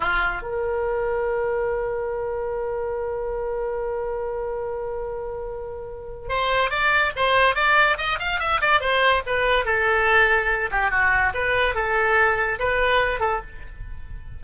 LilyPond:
\new Staff \with { instrumentName = "oboe" } { \time 4/4 \tempo 4 = 143 f'4 ais'2.~ | ais'1~ | ais'1~ | ais'2. c''4 |
d''4 c''4 d''4 dis''8 f''8 | e''8 d''8 c''4 b'4 a'4~ | a'4. g'8 fis'4 b'4 | a'2 b'4. a'8 | }